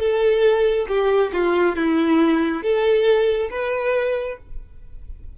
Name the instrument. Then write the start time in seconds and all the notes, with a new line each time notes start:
violin
0.00 A4
0.89 G4
1.33 F4
1.76 E4
2.63 A4
3.51 B4